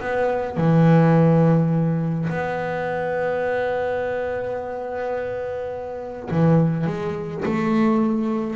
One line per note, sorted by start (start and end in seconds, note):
0.00 0.57 B3
0.57 2.29 E3
2.29 6.29 B3
6.31 6.86 E3
6.86 7.44 G#3
7.45 8.56 A3